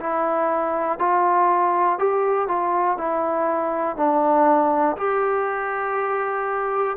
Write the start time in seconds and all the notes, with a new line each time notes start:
0.00 E4
0.99 F4
1.99 G4
2.48 F4
2.98 E4
3.97 D4
4.97 G4